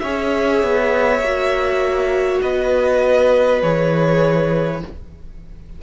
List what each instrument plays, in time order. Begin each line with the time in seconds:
0.00 cello C#4, viola G#4, violin C#5 E5
0.63 cello B3
1.20 cello A#3, viola F#4
2.42 cello B3, violin B4 D#5
3.62 cello E3, viola G#4, violin C#5